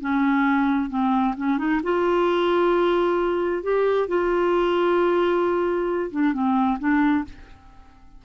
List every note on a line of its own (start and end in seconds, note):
0.00 0.89 C#4
0.89 1.35 C4
1.37 1.58 C#4
1.58 1.80 D#4
1.83 3.62 F4
3.62 4.07 G4
4.07 6.10 F4
6.11 6.33 D4
6.33 6.78 C4
6.79 7.24 D4